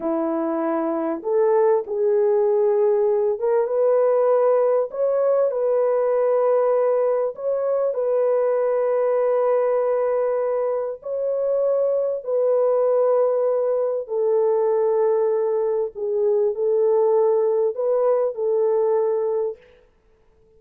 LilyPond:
\new Staff \with { instrumentName = "horn" } { \time 4/4 \tempo 4 = 98 e'2 a'4 gis'4~ | gis'4. ais'8 b'2 | cis''4 b'2. | cis''4 b'2.~ |
b'2 cis''2 | b'2. a'4~ | a'2 gis'4 a'4~ | a'4 b'4 a'2 | }